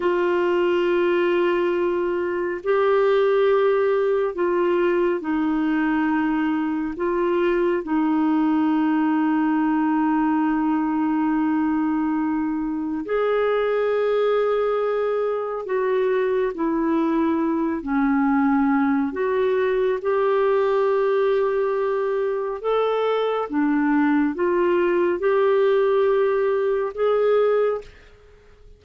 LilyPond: \new Staff \with { instrumentName = "clarinet" } { \time 4/4 \tempo 4 = 69 f'2. g'4~ | g'4 f'4 dis'2 | f'4 dis'2.~ | dis'2. gis'4~ |
gis'2 fis'4 e'4~ | e'8 cis'4. fis'4 g'4~ | g'2 a'4 d'4 | f'4 g'2 gis'4 | }